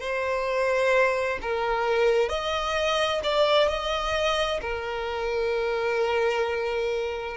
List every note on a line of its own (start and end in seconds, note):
0.00 1.38 C5
1.41 2.29 A#4
2.29 3.21 D#5
3.23 3.68 D5
3.68 4.60 D#5
4.61 7.36 A#4